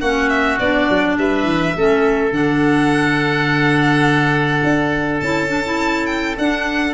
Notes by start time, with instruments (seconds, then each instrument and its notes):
0.00 tuba A#3, clarinet C#4, oboe F#4, violin F#5
0.29 violin E5
0.59 tuba B3, clarinet D4, violin D5
0.89 tuba F#3
1.18 tuba G3, oboe B4, violin E5
1.44 tuba E3
1.76 tuba A3, clarinet C#4, oboe A4
2.31 tuba D3, clarinet D4, violin F#5
4.63 tuba D4
5.20 tuba C#4, clarinet E4, violin A5
5.48 clarinet D4
5.65 clarinet E4
6.06 violin G5
6.38 tuba D4, clarinet D4, violin F#5